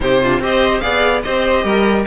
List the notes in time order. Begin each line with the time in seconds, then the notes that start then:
0.00 C3 D#4 G4 C5
0.22 D4 F4
0.39 C4 G4 C5 D#5
0.80 B3 G#4 D5 F5
1.22 C4 G4 C5 D#5
1.64 G3 A#4